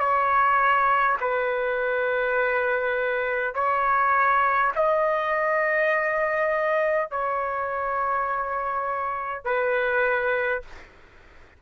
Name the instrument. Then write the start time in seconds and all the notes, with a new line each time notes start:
trumpet
0.00 C#5
1.20 B4
3.55 C#5
4.75 D#5
7.11 C#5
9.44 B4